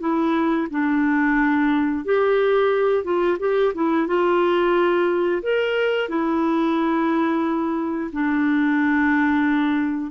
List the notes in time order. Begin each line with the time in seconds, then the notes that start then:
0.00 E4
0.70 D4
2.04 G4
3.04 F4
3.39 G4
3.74 E4
4.07 F4
5.42 A#4
6.09 E4
8.12 D4